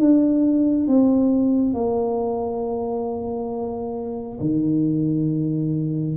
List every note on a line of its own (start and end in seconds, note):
0.00 0.88 D4
0.88 1.74 C4
1.74 4.39 A#3
4.41 6.17 D#3